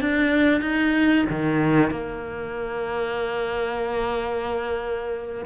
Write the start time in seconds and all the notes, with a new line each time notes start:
0.00 D4
0.60 D#4
1.29 D#3
1.90 A#3